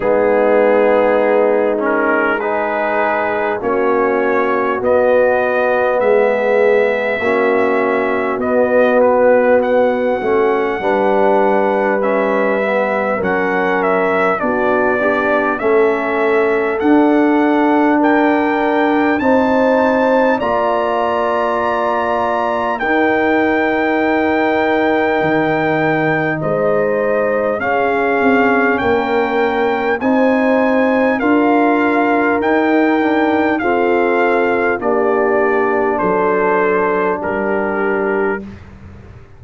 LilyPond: <<
  \new Staff \with { instrumentName = "trumpet" } { \time 4/4 \tempo 4 = 50 gis'4. ais'8 b'4 cis''4 | dis''4 e''2 dis''8 b'8 | fis''2 e''4 fis''8 e''8 | d''4 e''4 fis''4 g''4 |
a''4 ais''2 g''4~ | g''2 dis''4 f''4 | g''4 gis''4 f''4 g''4 | f''4 d''4 c''4 ais'4 | }
  \new Staff \with { instrumentName = "horn" } { \time 4/4 dis'2 gis'4 fis'4~ | fis'4 gis'4 fis'2~ | fis'4 b'2 ais'4 | fis'8 d'8 a'2 ais'4 |
c''4 d''2 ais'4~ | ais'2 c''4 gis'4 | ais'4 c''4 ais'2 | a'4 g'4 a'4 g'4 | }
  \new Staff \with { instrumentName = "trombone" } { \time 4/4 b4. cis'8 dis'4 cis'4 | b2 cis'4 b4~ | b8 cis'8 d'4 cis'8 b8 cis'4 | d'8 g'8 cis'4 d'2 |
dis'4 f'2 dis'4~ | dis'2. cis'4~ | cis'4 dis'4 f'4 dis'8 d'8 | c'4 d'2. | }
  \new Staff \with { instrumentName = "tuba" } { \time 4/4 gis2. ais4 | b4 gis4 ais4 b4~ | b8 a8 g2 fis4 | b4 a4 d'2 |
c'4 ais2 dis'4~ | dis'4 dis4 gis4 cis'8 c'8 | ais4 c'4 d'4 dis'4 | f'4 ais4 fis4 g4 | }
>>